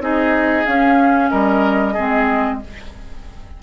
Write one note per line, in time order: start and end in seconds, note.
0.00 0.65 C4
0.00 0.65 D#4
0.00 1.31 G#4
0.00 0.66 D#5
0.66 1.95 C#4
0.66 1.32 C#4
0.66 1.30 F5
1.30 1.97 G3
1.30 1.94 A#4
1.30 2.59 D#5
1.94 2.63 G#3
1.94 2.61 C4
1.94 2.58 G#4